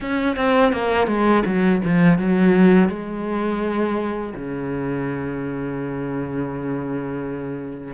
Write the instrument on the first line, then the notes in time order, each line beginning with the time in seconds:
cello
0.00 C#4
0.36 C4
0.72 A#3
1.07 G#3
1.45 F#3
1.84 F3
2.18 F#3
2.88 G#3
4.34 C#3